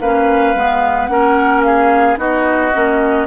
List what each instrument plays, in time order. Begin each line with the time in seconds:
0.00 bassoon A#3, clarinet C#4, oboe B4, flute F5
0.54 bassoon G#3, clarinet B3
1.06 bassoon A#3, clarinet C#4, oboe A#4, flute F#5
1.63 oboe G#4, flute F5
2.17 bassoon B3, clarinet D#4, oboe F#4, flute D#5
2.74 bassoon A#3, clarinet C#4